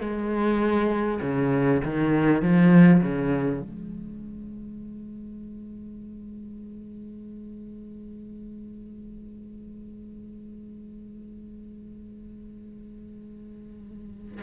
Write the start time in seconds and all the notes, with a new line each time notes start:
0.00 G#3
1.21 C#3
1.84 D#3
2.42 F3
3.02 C#3
3.61 G#3